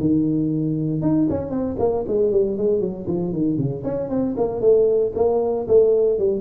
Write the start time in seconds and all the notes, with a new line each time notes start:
0.00 D#3
1.02 D#4
1.30 C#4
1.50 C4
1.79 A#3
2.08 G#3
2.31 G3
2.57 G#3
2.80 F#3
3.07 F3
3.33 D#3
3.57 C#3
3.84 C#4
4.10 C4
4.37 A#3
4.60 A3
5.15 A#3
5.68 A3
6.19 G3